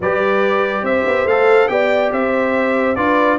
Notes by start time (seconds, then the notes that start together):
0.00 G3 G4 B4 D5
0.82 C4 C5 E5
1.06 B3
1.25 A3 A4 F5
1.68 B3 G4 D5 G5
2.11 C4 C5 E5
2.95 D4 F4 B4 D5